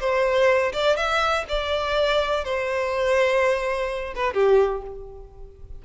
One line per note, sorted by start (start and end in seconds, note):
0.00 0.73 C5
0.73 0.97 D5
0.97 1.45 E5
1.49 2.45 D5
2.45 4.14 C5
4.15 4.34 B4
4.34 4.82 G4